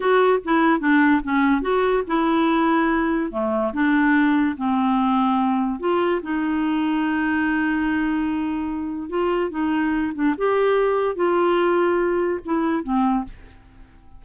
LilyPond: \new Staff \with { instrumentName = "clarinet" } { \time 4/4 \tempo 4 = 145 fis'4 e'4 d'4 cis'4 | fis'4 e'2. | a4 d'2 c'4~ | c'2 f'4 dis'4~ |
dis'1~ | dis'2 f'4 dis'4~ | dis'8 d'8 g'2 f'4~ | f'2 e'4 c'4 | }